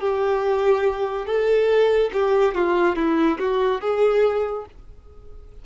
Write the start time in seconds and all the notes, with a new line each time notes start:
0.00 G4
1.26 A4
2.13 G4
2.55 F4
2.96 E4
3.39 F#4
3.81 G#4